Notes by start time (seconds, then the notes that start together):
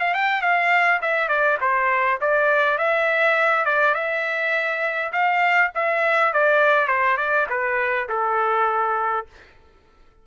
0.00 F5
0.14 G5
0.42 F5
1.02 E5
1.28 D5
1.61 C5
2.21 D5
2.78 E5
3.65 D5
3.94 E5
5.13 F5
5.75 E5
6.33 D5
6.88 C5
7.17 D5
7.50 B4
8.09 A4